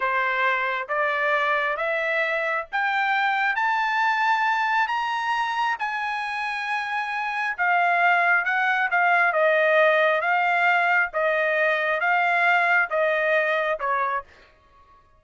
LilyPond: \new Staff \with { instrumentName = "trumpet" } { \time 4/4 \tempo 4 = 135 c''2 d''2 | e''2 g''2 | a''2. ais''4~ | ais''4 gis''2.~ |
gis''4 f''2 fis''4 | f''4 dis''2 f''4~ | f''4 dis''2 f''4~ | f''4 dis''2 cis''4 | }